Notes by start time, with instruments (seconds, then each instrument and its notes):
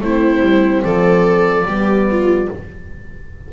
0.00 double bass A3, horn C4, viola E4, oboe C5
0.41 double bass G3
0.84 double bass F3, viola A4, oboe D5
1.65 double bass G3, horn B3, viola G4
2.11 viola F4